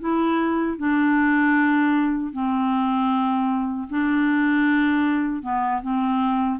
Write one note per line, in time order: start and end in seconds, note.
0.00 0.78 E4
0.78 2.33 D4
2.33 3.89 C4
3.90 5.43 D4
5.43 5.82 B3
5.82 6.60 C4